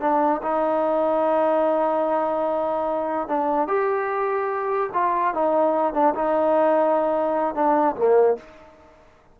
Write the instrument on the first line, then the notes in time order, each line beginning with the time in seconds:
trombone
0.00 D4
0.42 D#4
3.28 D4
3.67 G4
4.93 F4
5.34 D#4
5.93 D4
6.15 D#4
7.55 D4
7.96 A#3